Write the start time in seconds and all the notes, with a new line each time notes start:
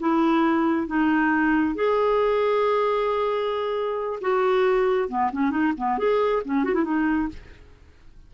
0.00 E4
0.87 D#4
1.75 G#4
4.21 F#4
5.09 B3
5.33 C#4
5.51 D#4
5.77 B3
5.99 G#4
6.45 C#4
6.65 F#4
6.74 E4
6.84 D#4